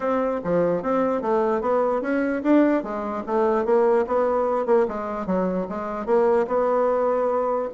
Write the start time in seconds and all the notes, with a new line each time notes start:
0.00 C4
0.44 F3
0.82 C4
1.21 A3
1.61 B3
2.01 C#4
2.43 D4
2.83 G#3
3.26 A3
3.65 A#3
4.07 B3
4.65 A#3
4.87 G#3
5.26 F#3
5.69 G#3
6.06 A#3
6.47 B3